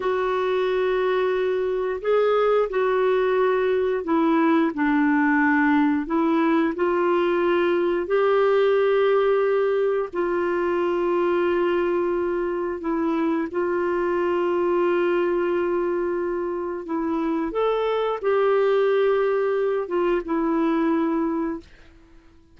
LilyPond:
\new Staff \with { instrumentName = "clarinet" } { \time 4/4 \tempo 4 = 89 fis'2. gis'4 | fis'2 e'4 d'4~ | d'4 e'4 f'2 | g'2. f'4~ |
f'2. e'4 | f'1~ | f'4 e'4 a'4 g'4~ | g'4. f'8 e'2 | }